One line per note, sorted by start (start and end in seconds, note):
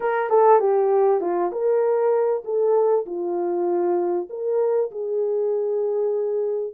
0.00 0.29 A#4
0.29 0.59 A4
0.59 1.20 G4
1.20 1.51 F4
1.51 2.43 A#4
2.44 3.05 A4
3.06 4.28 F4
4.29 4.90 A#4
4.91 6.73 G#4